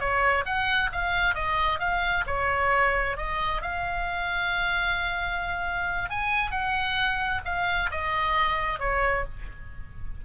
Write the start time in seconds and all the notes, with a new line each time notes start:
0.00 C#5
0.46 F#5
0.93 F5
1.35 D#5
1.80 F5
2.27 C#5
3.17 D#5
3.62 F5
6.10 G#5
6.51 F#5
7.45 F5
7.92 D#5
8.80 C#5